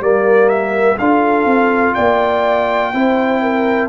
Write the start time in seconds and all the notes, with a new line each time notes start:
0.00 G3 A#3 A#4 D5
0.49 E5
0.98 D4 F4 A4 F5
1.45 C4
1.94 A#3 D5 G5
2.94 C4 E4 C5
3.42 A#4